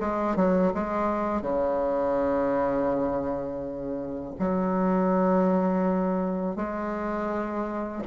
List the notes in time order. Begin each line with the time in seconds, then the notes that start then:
0.00 G#3
0.36 F#3
0.74 G#3
1.42 C#3
4.39 F#3
6.56 G#3